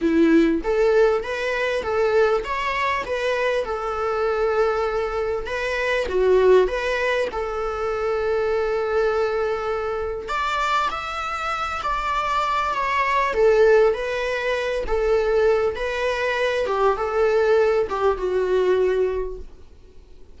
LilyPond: \new Staff \with { instrumentName = "viola" } { \time 4/4 \tempo 4 = 99 e'4 a'4 b'4 a'4 | cis''4 b'4 a'2~ | a'4 b'4 fis'4 b'4 | a'1~ |
a'4 d''4 e''4. d''8~ | d''4 cis''4 a'4 b'4~ | b'8 a'4. b'4. g'8 | a'4. g'8 fis'2 | }